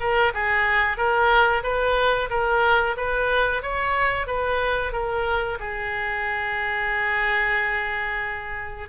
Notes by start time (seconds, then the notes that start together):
0.00 A#4
0.34 G#4
0.97 A#4
1.64 B4
2.30 A#4
2.97 B4
3.63 C#5
4.27 B4
4.93 A#4
5.60 G#4